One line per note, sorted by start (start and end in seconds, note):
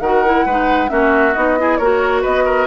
0.00 0.45 D#3
0.00 0.25 F#4
0.00 0.45 A#4
0.00 0.89 F#5
0.25 0.47 E4
0.45 0.90 G#3
0.45 0.88 D#4
0.45 0.90 B4
0.88 1.35 A#3
0.88 1.33 C#4
0.88 1.59 F#4
0.88 1.33 E5
1.33 1.79 B3
1.33 1.58 D#4
1.33 1.77 D#5
1.58 1.80 E4
1.58 1.78 G#4
1.77 2.24 A#3
1.77 2.67 F#4
1.77 2.21 A#4
1.77 2.22 C#5
2.21 2.67 B3
2.21 2.44 B4
2.21 2.67 D#5
2.45 2.67 A#4